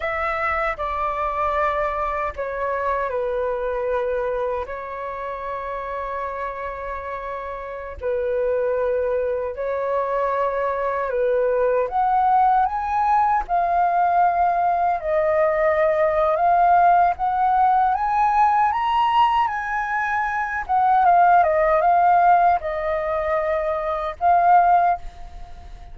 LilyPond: \new Staff \with { instrumentName = "flute" } { \time 4/4 \tempo 4 = 77 e''4 d''2 cis''4 | b'2 cis''2~ | cis''2~ cis''16 b'4.~ b'16~ | b'16 cis''2 b'4 fis''8.~ |
fis''16 gis''4 f''2 dis''8.~ | dis''4 f''4 fis''4 gis''4 | ais''4 gis''4. fis''8 f''8 dis''8 | f''4 dis''2 f''4 | }